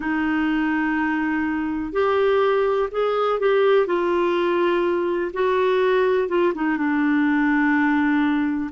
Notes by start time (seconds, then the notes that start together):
0.00 D#4
1.92 G4
2.91 G#4
3.39 G4
3.86 F4
5.33 F#4
6.28 F4
6.54 D#4
6.77 D4